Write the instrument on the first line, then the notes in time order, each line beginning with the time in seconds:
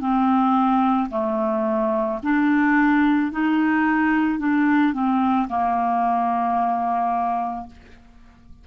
clarinet
0.00 C4
1.10 A3
2.23 D4
3.32 D#4
4.39 D4
4.93 C4
5.48 A#3